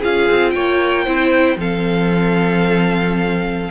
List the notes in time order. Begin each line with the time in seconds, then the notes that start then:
0.00 C#4 F4 G#4 F5
0.30 C4
0.51 A#3 C#5 G5
1.04 C4 E4 C5
1.57 F3 C4 A4 F5